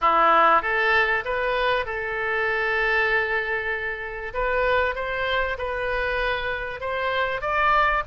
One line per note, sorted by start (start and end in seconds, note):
0.01 0.62 E4
0.62 1.23 A4
1.25 1.85 B4
1.85 4.33 A4
4.33 4.95 B4
4.95 5.57 C5
5.58 6.80 B4
6.80 7.41 C5
7.41 8.03 D5